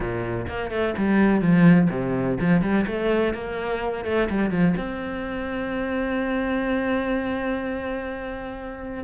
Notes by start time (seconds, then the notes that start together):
0.00 A#2
0.48 A#3
0.70 A3
0.97 G3
1.41 F3
1.90 C3
2.40 F3
2.61 G3
2.86 A3
3.34 A#3
4.05 A3
4.29 G3
4.50 F3
4.77 C4